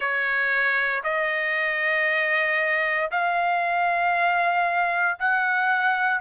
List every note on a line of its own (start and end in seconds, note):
0.00 1.02 C#5
1.03 3.10 D#5
3.11 5.18 F5
5.19 6.20 F#5